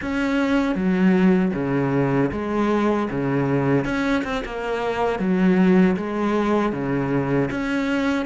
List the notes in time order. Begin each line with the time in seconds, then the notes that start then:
0.01 C#4
0.75 F#3
1.53 C#3
2.31 G#3
3.10 C#3
3.85 C#4
4.24 C4
4.45 A#3
5.19 F#3
5.96 G#3
6.72 C#3
7.50 C#4